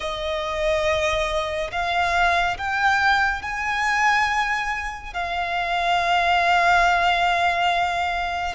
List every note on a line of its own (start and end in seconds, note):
0.00 1.71 D#5
1.71 2.57 F5
2.57 3.42 G5
3.42 5.13 G#5
5.14 8.54 F5